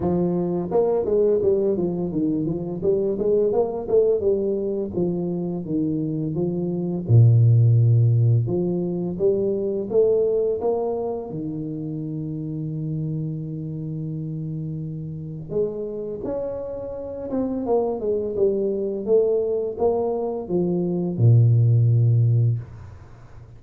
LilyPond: \new Staff \with { instrumentName = "tuba" } { \time 4/4 \tempo 4 = 85 f4 ais8 gis8 g8 f8 dis8 f8 | g8 gis8 ais8 a8 g4 f4 | dis4 f4 ais,2 | f4 g4 a4 ais4 |
dis1~ | dis2 gis4 cis'4~ | cis'8 c'8 ais8 gis8 g4 a4 | ais4 f4 ais,2 | }